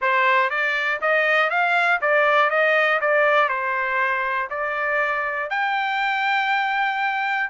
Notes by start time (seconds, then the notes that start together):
0.01 C5
0.50 D5
1.01 D#5
1.50 F5
2.01 D5
2.50 D#5
3.00 D5
3.48 C5
4.50 D5
5.50 G5